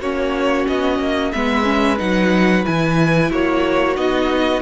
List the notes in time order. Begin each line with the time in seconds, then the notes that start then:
0.00 A#3 C#4 F#4 C#5
0.67 B3 D#5
0.99 A#3
1.32 G#3 B3 B4 E5
1.64 C#4
1.98 F#3 D#4 F#5
2.64 E3 E4 G#5
3.31 A#3 F#4 C#5
3.96 B3 D#4 D#5